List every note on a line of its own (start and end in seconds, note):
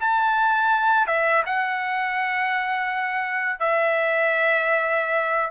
0.00 1.07 A5
1.07 1.43 E5
1.46 3.60 F#5
3.60 5.51 E5